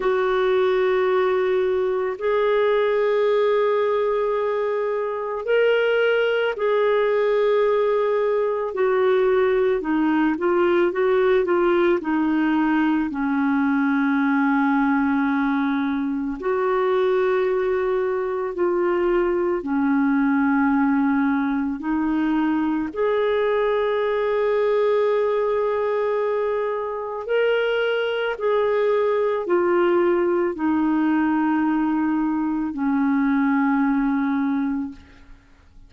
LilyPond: \new Staff \with { instrumentName = "clarinet" } { \time 4/4 \tempo 4 = 55 fis'2 gis'2~ | gis'4 ais'4 gis'2 | fis'4 dis'8 f'8 fis'8 f'8 dis'4 | cis'2. fis'4~ |
fis'4 f'4 cis'2 | dis'4 gis'2.~ | gis'4 ais'4 gis'4 f'4 | dis'2 cis'2 | }